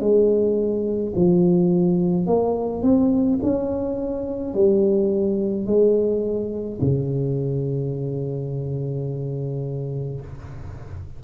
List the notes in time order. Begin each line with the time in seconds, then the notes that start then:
0.00 G#3
1.15 F3
2.26 A#3
2.83 C4
3.43 C#4
4.54 G3
5.67 G#3
6.81 C#3